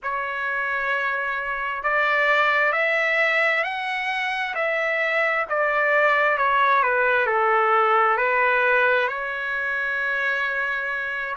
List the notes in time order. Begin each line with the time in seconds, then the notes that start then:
0.02 C#5
1.83 D5
2.72 E5
3.63 F#5
4.55 E5
5.49 D5
6.37 C#5
6.82 B4
7.26 A4
8.17 B4
9.08 C#5